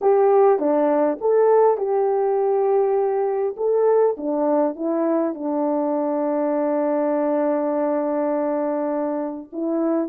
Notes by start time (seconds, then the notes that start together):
0.01 G4
0.59 D4
1.20 A4
1.77 G4
3.56 A4
4.17 D4
4.75 E4
5.34 D4
9.52 E4